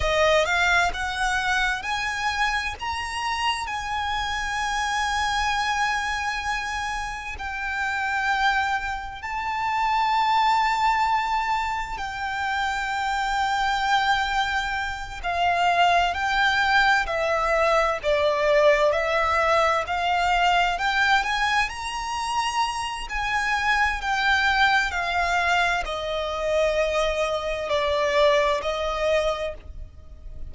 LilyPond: \new Staff \with { instrumentName = "violin" } { \time 4/4 \tempo 4 = 65 dis''8 f''8 fis''4 gis''4 ais''4 | gis''1 | g''2 a''2~ | a''4 g''2.~ |
g''8 f''4 g''4 e''4 d''8~ | d''8 e''4 f''4 g''8 gis''8 ais''8~ | ais''4 gis''4 g''4 f''4 | dis''2 d''4 dis''4 | }